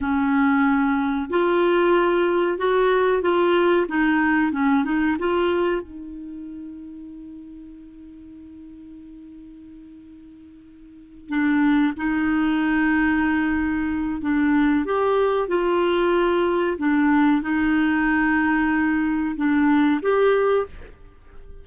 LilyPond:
\new Staff \with { instrumentName = "clarinet" } { \time 4/4 \tempo 4 = 93 cis'2 f'2 | fis'4 f'4 dis'4 cis'8 dis'8 | f'4 dis'2.~ | dis'1~ |
dis'4. d'4 dis'4.~ | dis'2 d'4 g'4 | f'2 d'4 dis'4~ | dis'2 d'4 g'4 | }